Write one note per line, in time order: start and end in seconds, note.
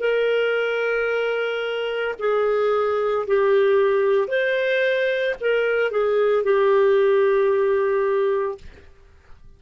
0.00 2.14 A#4
2.19 3.26 G#4
3.27 4.27 G4
4.27 5.34 C5
5.40 5.91 A#4
5.91 6.43 G#4
6.43 8.58 G4